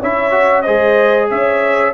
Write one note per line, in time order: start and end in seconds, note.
0.00 0.67 C#4
0.00 0.31 E4
0.00 0.63 C#5
0.00 0.62 E5
0.31 0.63 F#4
0.62 1.31 G#3
0.62 1.94 G#4
0.62 1.28 C5
0.62 1.26 D#5
1.30 1.94 C#4
1.30 1.94 C#5
1.30 1.94 E5